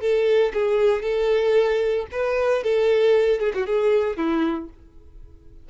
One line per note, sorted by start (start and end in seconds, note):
0.00 0.52 A4
0.53 1.02 G#4
1.02 2.06 A4
2.11 2.63 B4
2.63 3.39 A4
3.39 3.52 G#4
3.54 3.66 F#4
3.66 4.16 G#4
4.16 4.69 E4